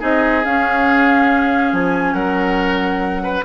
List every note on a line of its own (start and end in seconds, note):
0.00 0.45 C4
0.00 0.43 D#4
0.00 2.15 G#4
0.00 0.45 D#5
0.45 1.73 C#4
0.45 3.46 C#4
0.45 1.75 F5
1.73 2.14 F3
1.73 2.14 G#5
2.14 3.44 F#3
2.14 3.23 A#4
2.14 3.44 F#5
3.24 3.45 B4